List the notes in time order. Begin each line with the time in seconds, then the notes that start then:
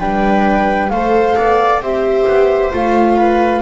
0.00 G3 D4 B4 G5
0.90 A3 A4 C5 F5
1.37 B3 D5
1.81 C4 G4 C5 E5
2.27 B3
2.72 A3 F4 F5
3.17 B4